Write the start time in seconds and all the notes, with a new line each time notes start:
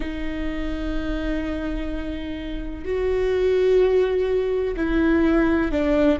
0.00 D#4
2.84 F#4
4.76 E4
5.71 D4